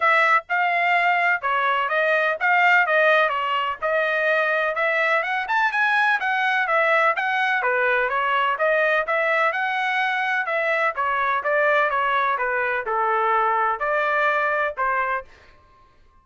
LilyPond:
\new Staff \with { instrumentName = "trumpet" } { \time 4/4 \tempo 4 = 126 e''4 f''2 cis''4 | dis''4 f''4 dis''4 cis''4 | dis''2 e''4 fis''8 a''8 | gis''4 fis''4 e''4 fis''4 |
b'4 cis''4 dis''4 e''4 | fis''2 e''4 cis''4 | d''4 cis''4 b'4 a'4~ | a'4 d''2 c''4 | }